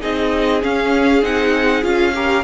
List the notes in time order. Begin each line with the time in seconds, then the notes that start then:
0.00 C4 D#4 G#4 D#5
0.62 C#4 F5
1.22 C4 D#4 F#5
1.82 C#4 F4 F5
2.15 G4 A#4